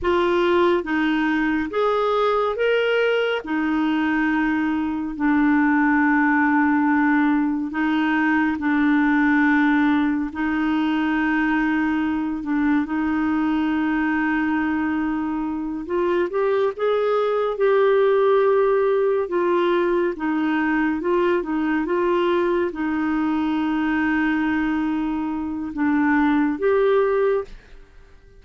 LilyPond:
\new Staff \with { instrumentName = "clarinet" } { \time 4/4 \tempo 4 = 70 f'4 dis'4 gis'4 ais'4 | dis'2 d'2~ | d'4 dis'4 d'2 | dis'2~ dis'8 d'8 dis'4~ |
dis'2~ dis'8 f'8 g'8 gis'8~ | gis'8 g'2 f'4 dis'8~ | dis'8 f'8 dis'8 f'4 dis'4.~ | dis'2 d'4 g'4 | }